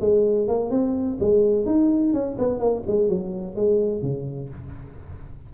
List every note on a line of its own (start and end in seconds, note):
0.00 0.47 G#3
0.47 0.70 A#3
0.70 1.18 C4
1.20 1.65 G#3
1.65 2.13 D#4
2.13 2.37 C#4
2.38 2.59 B3
2.59 2.83 A#3
2.87 3.08 G#3
3.08 3.55 F#3
3.55 4.02 G#3
4.02 4.50 C#3